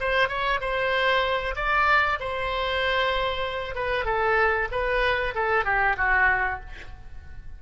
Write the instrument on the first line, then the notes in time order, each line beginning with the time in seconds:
oboe
0.00 C5
0.28 C#5
0.60 C5
1.56 D5
2.20 C5
3.75 B4
4.05 A4
4.71 B4
5.35 A4
5.64 G4
5.97 F#4